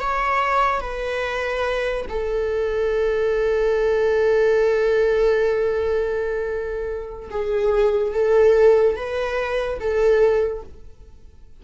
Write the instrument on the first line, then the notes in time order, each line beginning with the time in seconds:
viola
0.00 C#5
0.80 B4
2.09 A4
7.30 G#4
8.13 A4
8.95 B4
9.80 A4